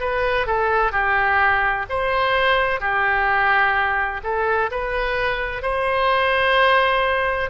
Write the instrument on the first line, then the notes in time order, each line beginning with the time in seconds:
oboe
0.00 B4
0.47 A4
0.92 G4
1.90 C5
2.80 G4
4.24 A4
4.71 B4
5.62 C5